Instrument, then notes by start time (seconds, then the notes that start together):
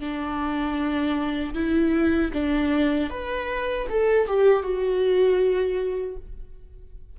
viola
0.00 D4
1.55 E4
2.34 D4
3.10 B4
3.90 A4
4.28 G4
4.63 F#4